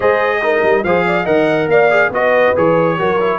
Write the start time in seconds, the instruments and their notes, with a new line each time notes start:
0.00 tuba G#3, trombone G#4, horn C5, trumpet D#5
0.42 trombone D#4, horn A#4
0.62 tuba G3
0.83 tuba F3, trombone G#4, horn C5, trumpet F5
1.06 horn D5
1.24 tuba D#3, trombone A#4, horn D#5, trumpet F#5
1.67 tuba A#3, horn D5, trumpet F5
1.90 trombone G#4
2.10 tuba B3, trombone F#4, horn B4, trumpet D#5
2.55 tuba E3, trombone G#4, trumpet C#5
2.98 tuba F#3, trombone F#4, horn A#4
3.20 trombone E4